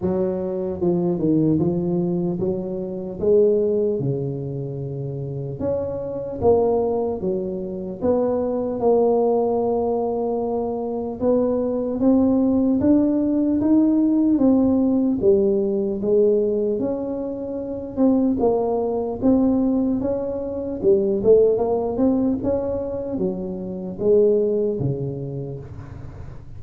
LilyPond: \new Staff \with { instrumentName = "tuba" } { \time 4/4 \tempo 4 = 75 fis4 f8 dis8 f4 fis4 | gis4 cis2 cis'4 | ais4 fis4 b4 ais4~ | ais2 b4 c'4 |
d'4 dis'4 c'4 g4 | gis4 cis'4. c'8 ais4 | c'4 cis'4 g8 a8 ais8 c'8 | cis'4 fis4 gis4 cis4 | }